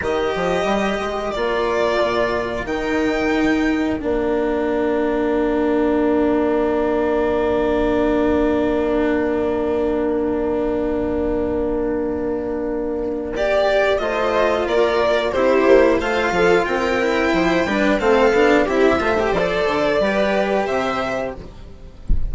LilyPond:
<<
  \new Staff \with { instrumentName = "violin" } { \time 4/4 \tempo 4 = 90 dis''2 d''2 | g''2 f''2~ | f''1~ | f''1~ |
f''1 | d''4 dis''4 d''4 c''4 | f''4 g''2 f''4 | e''4 d''2 e''4 | }
  \new Staff \with { instrumentName = "viola" } { \time 4/4 ais'1~ | ais'1~ | ais'1~ | ais'1~ |
ais'1~ | ais'4 c''4 ais'4 g'4 | c''8 a'8 ais'4 c''8 b'8 a'4 | g'8 c''4. b'4 c''4 | }
  \new Staff \with { instrumentName = "cello" } { \time 4/4 g'2 f'2 | dis'2 d'2~ | d'1~ | d'1~ |
d'1 | g'4 f'2 e'4 | f'4. e'4 d'8 c'8 d'8 | e'8 f'16 g'16 a'4 g'2 | }
  \new Staff \with { instrumentName = "bassoon" } { \time 4/4 dis8 f8 g8 gis8 ais4 ais,4 | dis2 ais2~ | ais1~ | ais1~ |
ais1~ | ais4 a4 ais4 c'8 ais8 | a8 f8 c'4 f8 g8 a8 b8 | c'8 a8 f8 d8 g4 c4 | }
>>